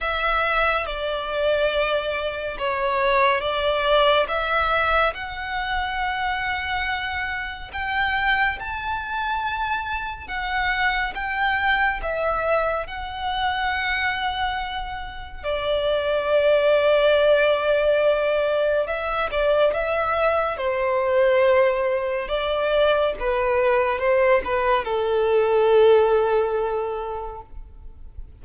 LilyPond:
\new Staff \with { instrumentName = "violin" } { \time 4/4 \tempo 4 = 70 e''4 d''2 cis''4 | d''4 e''4 fis''2~ | fis''4 g''4 a''2 | fis''4 g''4 e''4 fis''4~ |
fis''2 d''2~ | d''2 e''8 d''8 e''4 | c''2 d''4 b'4 | c''8 b'8 a'2. | }